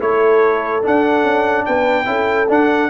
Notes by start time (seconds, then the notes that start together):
0.00 A3 E4 A4 C#5
0.82 D4 F#5
1.23 C#4
1.66 B3 B4 G5
2.05 C#4 E4 A4
2.49 D4 F#5